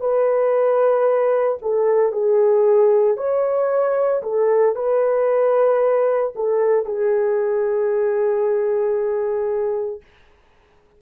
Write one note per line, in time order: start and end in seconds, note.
0.00 1.58 B4
1.62 2.12 A4
2.12 3.17 G#4
3.17 4.22 C#5
4.23 4.76 A4
4.76 6.33 B4
6.35 6.86 A4
6.86 10.01 G#4